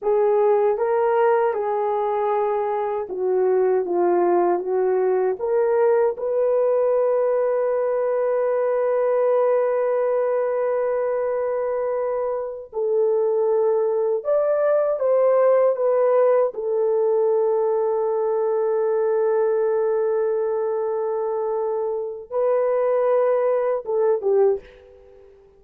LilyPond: \new Staff \with { instrumentName = "horn" } { \time 4/4 \tempo 4 = 78 gis'4 ais'4 gis'2 | fis'4 f'4 fis'4 ais'4 | b'1~ | b'1~ |
b'8 a'2 d''4 c''8~ | c''8 b'4 a'2~ a'8~ | a'1~ | a'4 b'2 a'8 g'8 | }